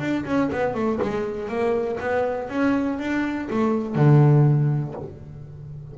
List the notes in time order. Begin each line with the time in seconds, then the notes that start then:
0.00 D4
0.26 C#4
0.53 B3
0.75 A3
1.02 G#3
1.49 A#3
2.00 B3
2.50 C#4
2.99 D4
3.51 A3
3.96 D3